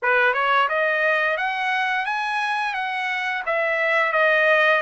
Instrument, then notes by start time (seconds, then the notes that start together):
trumpet
0.02 B4
0.33 C#5
0.68 D#5
1.37 F#5
2.05 G#5
2.73 F#5
3.46 E5
4.12 D#5